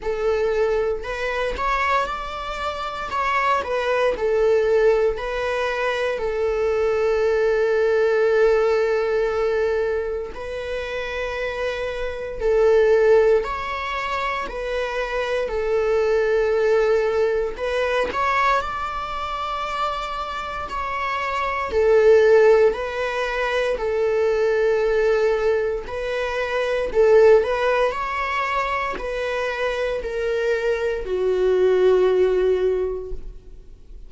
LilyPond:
\new Staff \with { instrumentName = "viola" } { \time 4/4 \tempo 4 = 58 a'4 b'8 cis''8 d''4 cis''8 b'8 | a'4 b'4 a'2~ | a'2 b'2 | a'4 cis''4 b'4 a'4~ |
a'4 b'8 cis''8 d''2 | cis''4 a'4 b'4 a'4~ | a'4 b'4 a'8 b'8 cis''4 | b'4 ais'4 fis'2 | }